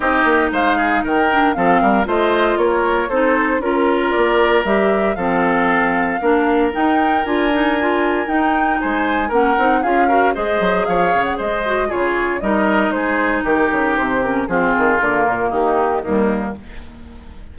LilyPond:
<<
  \new Staff \with { instrumentName = "flute" } { \time 4/4 \tempo 4 = 116 dis''4 f''4 g''4 f''4 | dis''4 cis''4 c''4 ais'4 | d''4 e''4 f''2~ | f''4 g''4 gis''2 |
g''4 gis''4 fis''4 f''4 | dis''4 f''8. fis''16 dis''4 cis''4 | dis''4 c''4 ais'4 c''8 ais'8 | gis'4 ais'4 g'4 dis'4 | }
  \new Staff \with { instrumentName = "oboe" } { \time 4/4 g'4 c''8 gis'8 ais'4 a'8 ais'8 | c''4 ais'4 a'4 ais'4~ | ais'2 a'2 | ais'1~ |
ais'4 c''4 ais'4 gis'8 ais'8 | c''4 cis''4 c''4 gis'4 | ais'4 gis'4 g'2 | f'2 dis'4 ais4 | }
  \new Staff \with { instrumentName = "clarinet" } { \time 4/4 dis'2~ dis'8 d'8 c'4 | f'2 dis'4 f'4~ | f'4 g'4 c'2 | d'4 dis'4 f'8 dis'8 f'4 |
dis'2 cis'8 dis'8 f'8 fis'8 | gis'2~ gis'8 fis'8 f'4 | dis'2.~ dis'8 cis'8 | c'4 ais2 g4 | }
  \new Staff \with { instrumentName = "bassoon" } { \time 4/4 c'8 ais8 gis4 dis4 f8 g8 | a4 ais4 c'4 cis'4 | ais4 g4 f2 | ais4 dis'4 d'2 |
dis'4 gis4 ais8 c'8 cis'4 | gis8 fis8 f8 cis8 gis4 cis4 | g4 gis4 dis8 cis8 c4 | f8 dis8 d8 ais,8 dis4 dis,4 | }
>>